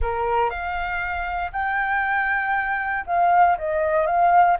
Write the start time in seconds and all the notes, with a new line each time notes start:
0.01 A#4
0.49 F5
1.52 G5
3.06 F5
3.58 D#5
4.06 F5